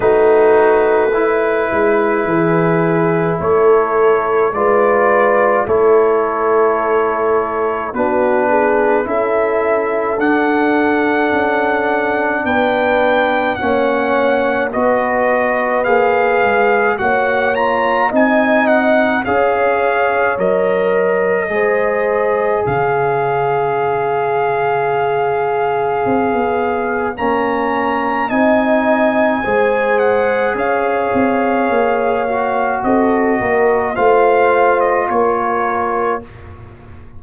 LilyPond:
<<
  \new Staff \with { instrumentName = "trumpet" } { \time 4/4 \tempo 4 = 53 b'2. cis''4 | d''4 cis''2 b'4 | e''4 fis''2 g''4 | fis''4 dis''4 f''4 fis''8 ais''8 |
gis''8 fis''8 f''4 dis''2 | f''1 | ais''4 gis''4. fis''8 f''4~ | f''4 dis''4 f''8. dis''16 cis''4 | }
  \new Staff \with { instrumentName = "horn" } { \time 4/4 fis'4 e'4 gis'4 a'4 | b'4 a'2 fis'8 gis'8 | a'2. b'4 | cis''4 b'2 cis''4 |
dis''4 cis''2 c''4 | cis''1~ | cis''4 dis''4 c''4 cis''4~ | cis''4 a'8 ais'8 c''4 ais'4 | }
  \new Staff \with { instrumentName = "trombone" } { \time 4/4 dis'4 e'2. | f'4 e'2 d'4 | e'4 d'2. | cis'4 fis'4 gis'4 fis'8 f'8 |
dis'4 gis'4 ais'4 gis'4~ | gis'1 | cis'4 dis'4 gis'2~ | gis'8 fis'4. f'2 | }
  \new Staff \with { instrumentName = "tuba" } { \time 4/4 a4. gis8 e4 a4 | gis4 a2 b4 | cis'4 d'4 cis'4 b4 | ais4 b4 ais8 gis8 ais4 |
c'4 cis'4 fis4 gis4 | cis2. c'16 b8. | ais4 c'4 gis4 cis'8 c'8 | ais4 c'8 ais8 a4 ais4 | }
>>